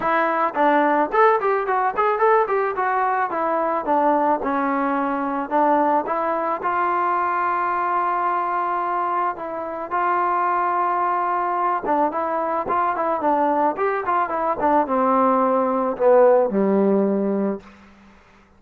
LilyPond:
\new Staff \with { instrumentName = "trombone" } { \time 4/4 \tempo 4 = 109 e'4 d'4 a'8 g'8 fis'8 gis'8 | a'8 g'8 fis'4 e'4 d'4 | cis'2 d'4 e'4 | f'1~ |
f'4 e'4 f'2~ | f'4. d'8 e'4 f'8 e'8 | d'4 g'8 f'8 e'8 d'8 c'4~ | c'4 b4 g2 | }